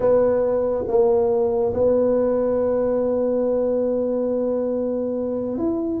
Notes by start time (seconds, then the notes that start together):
0.00 B3
0.87 A#3
1.73 B3
5.57 E4